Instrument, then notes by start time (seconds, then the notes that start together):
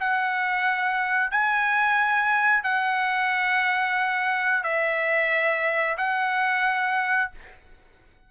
trumpet
0.00 F#5
1.31 G#5
2.64 F#5
4.63 E5
5.98 F#5